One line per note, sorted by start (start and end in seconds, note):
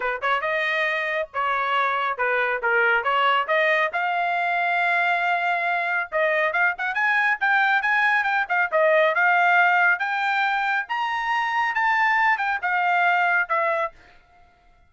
0.00 0.20 B4
0.21 0.41 C#5
0.41 1.28 D#5
1.33 2.17 C#5
2.17 2.60 B4
2.62 3.03 A#4
3.03 3.47 C#5
3.47 3.91 D#5
3.92 6.10 F5
6.11 6.52 D#5
6.52 6.74 F5
6.77 6.94 F#5
6.94 7.37 G#5
7.40 7.82 G5
7.82 8.23 G#5
8.23 8.45 G5
8.48 8.70 F5
8.71 9.15 D#5
9.15 9.99 F5
9.99 10.86 G5
10.89 11.74 A#5
11.74 12.37 A5
12.37 12.59 G5
12.61 13.48 F5
13.48 13.92 E5